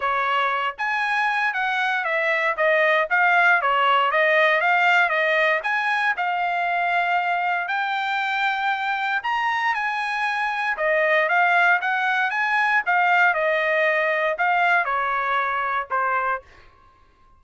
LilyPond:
\new Staff \with { instrumentName = "trumpet" } { \time 4/4 \tempo 4 = 117 cis''4. gis''4. fis''4 | e''4 dis''4 f''4 cis''4 | dis''4 f''4 dis''4 gis''4 | f''2. g''4~ |
g''2 ais''4 gis''4~ | gis''4 dis''4 f''4 fis''4 | gis''4 f''4 dis''2 | f''4 cis''2 c''4 | }